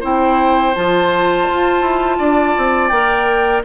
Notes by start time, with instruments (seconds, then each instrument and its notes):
0.00 bassoon C4, clarinet E4, oboe C5, flute G5
0.75 bassoon F3, clarinet F4, flute A5
1.49 bassoon F4
1.81 bassoon E4
2.18 bassoon D4, oboe D5
2.57 bassoon C4
2.88 bassoon A#3, clarinet A#4, flute G5